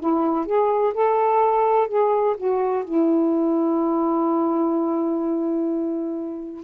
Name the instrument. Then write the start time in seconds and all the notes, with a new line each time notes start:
saxophone
0.00 E4
0.46 G#4
0.94 A4
1.88 G#4
2.37 F#4
2.84 E4